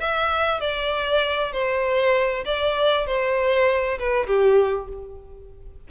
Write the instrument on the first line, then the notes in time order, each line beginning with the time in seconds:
violin
0.00 E5
0.60 D5
1.53 C5
2.45 D5
3.06 C5
3.99 B4
4.27 G4